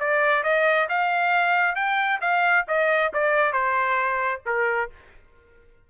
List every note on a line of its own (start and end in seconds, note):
0.00 0.43 D5
0.43 0.88 D#5
0.89 1.75 F5
1.75 2.20 G5
2.21 2.65 F5
2.68 3.12 D#5
3.14 3.53 D5
3.53 4.41 C5
4.46 4.90 A#4